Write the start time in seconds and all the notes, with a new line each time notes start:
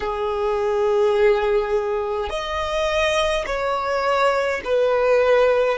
0.00 G#4
2.29 D#5
3.46 C#5
4.64 B4